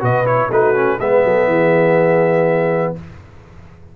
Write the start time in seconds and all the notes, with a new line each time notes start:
0.00 B2 F#4 B4 D#5
0.25 E4 C#5
0.50 A3 D#4 F#4 B4
0.75 C#4
1.00 G#3 B3 B4 E5
1.24 F#3 A4
1.47 E3 G#4